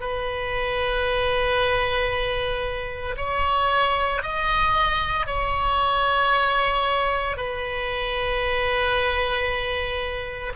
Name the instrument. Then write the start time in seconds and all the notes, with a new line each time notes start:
oboe
0.00 B4
3.17 C#5
4.22 D#5
5.26 C#5
7.37 B4